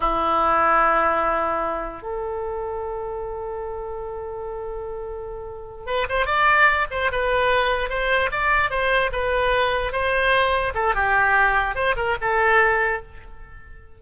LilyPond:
\new Staff \with { instrumentName = "oboe" } { \time 4/4 \tempo 4 = 148 e'1~ | e'4 a'2.~ | a'1~ | a'2~ a'8 b'8 c''8 d''8~ |
d''4 c''8 b'2 c''8~ | c''8 d''4 c''4 b'4.~ | b'8 c''2 a'8 g'4~ | g'4 c''8 ais'8 a'2 | }